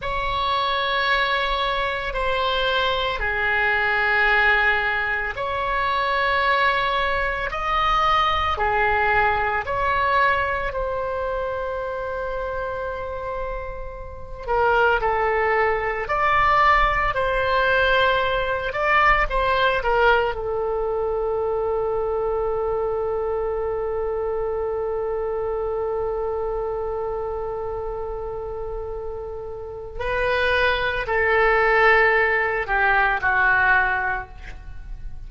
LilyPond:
\new Staff \with { instrumentName = "oboe" } { \time 4/4 \tempo 4 = 56 cis''2 c''4 gis'4~ | gis'4 cis''2 dis''4 | gis'4 cis''4 c''2~ | c''4. ais'8 a'4 d''4 |
c''4. d''8 c''8 ais'8 a'4~ | a'1~ | a'1 | b'4 a'4. g'8 fis'4 | }